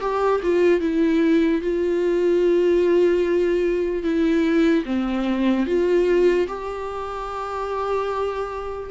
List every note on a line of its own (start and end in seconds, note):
0.00 0.41 G4
0.43 0.80 F4
0.80 1.61 E4
1.61 4.03 F4
4.03 4.84 E4
4.85 5.66 C4
5.66 6.47 F4
6.47 8.90 G4